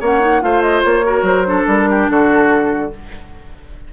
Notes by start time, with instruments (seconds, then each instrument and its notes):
0.00 bassoon A#3, clarinet C#4, oboe C#5, flute F#5
0.20 clarinet D#4
0.41 bassoon A3, clarinet F4, oboe C5, flute F5
0.62 flute D#5
0.83 bassoon A#3, flute C#5
1.05 clarinet F#4, oboe A#4
1.22 bassoon F#3, flute C5
1.45 clarinet D4, oboe A4
1.67 bassoon G3, flute A#4
1.90 oboe G4
2.09 bassoon D3, oboe F#4, flute A4